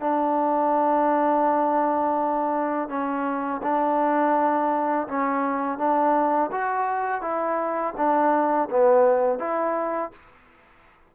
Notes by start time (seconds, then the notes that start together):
0.00 D4
2.89 C#4
3.63 D4
5.08 C#4
5.78 D4
6.51 F#4
7.22 E4
7.97 D4
8.70 B3
9.39 E4